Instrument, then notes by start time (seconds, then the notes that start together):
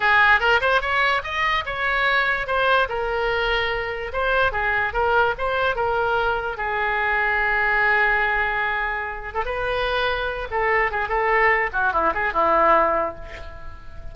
oboe
0.00 G#4
0.40 A#4
0.60 C5
0.81 C#5
1.23 D#5
1.65 C#5
2.47 C5
2.88 A#4
4.12 C5
4.52 G#4
4.93 A#4
5.38 C5
5.75 A#4
6.57 G#4
9.34 A4
9.45 B4
10.50 A4
10.91 G#4
11.08 A4
11.73 F#4
11.92 E4
12.14 G#4
12.33 E4